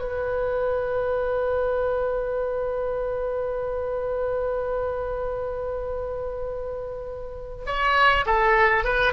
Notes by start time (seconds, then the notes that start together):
0.00 B4
7.66 C#5
8.26 A4
8.84 B4